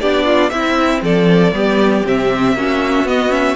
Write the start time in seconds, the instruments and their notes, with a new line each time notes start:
0.00 cello B3, viola D4, violin G4 D5
0.25 violin F4
0.50 viola C4, cello C4, violin E4 E5
1.02 cello F3, violin A4 D5
1.53 cello G3, viola B3, violin G4
2.05 cello C3, viola C4, violin E5
2.53 cello A#3, viola C#4, violin F#4
3.04 cello B3, viola B3, violin D#5
3.29 viola C#4, violin E5